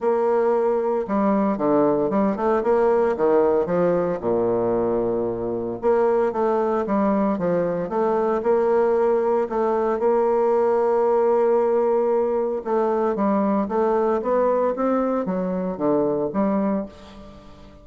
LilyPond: \new Staff \with { instrumentName = "bassoon" } { \time 4/4 \tempo 4 = 114 ais2 g4 d4 | g8 a8 ais4 dis4 f4 | ais,2. ais4 | a4 g4 f4 a4 |
ais2 a4 ais4~ | ais1 | a4 g4 a4 b4 | c'4 fis4 d4 g4 | }